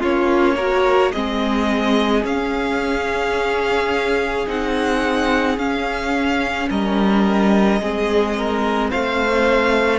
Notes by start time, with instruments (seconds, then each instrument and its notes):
0.00 cello A#3, viola C#4, violin F4 C#5
0.56 viola F#4, violin A#4
1.12 cello G#3, viola C4, violin G#4 D#5
2.22 viola C#4, cello C#4, violin F5
4.47 cello C4, viola D#4, violin F#5
5.58 cello C#4, viola C#4, violin F5
6.70 cello G3, violin A#4 D#5
7.81 cello G#3, viola C4, violin G#4
8.37 violin A#4
8.90 cello A3, violin C5 F5